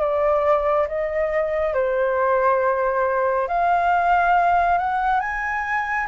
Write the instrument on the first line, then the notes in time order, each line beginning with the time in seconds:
flute
0.00 D5
0.87 D#5
1.74 C5
3.47 F5
4.78 F#5
5.20 G#5